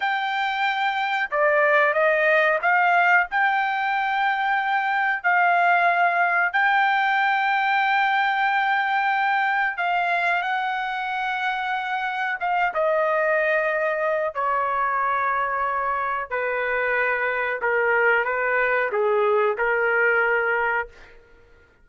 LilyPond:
\new Staff \with { instrumentName = "trumpet" } { \time 4/4 \tempo 4 = 92 g''2 d''4 dis''4 | f''4 g''2. | f''2 g''2~ | g''2. f''4 |
fis''2. f''8 dis''8~ | dis''2 cis''2~ | cis''4 b'2 ais'4 | b'4 gis'4 ais'2 | }